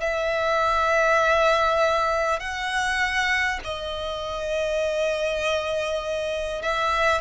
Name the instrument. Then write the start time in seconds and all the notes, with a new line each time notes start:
violin
0.00 E5
2.39 F#5
3.64 D#5
6.62 E5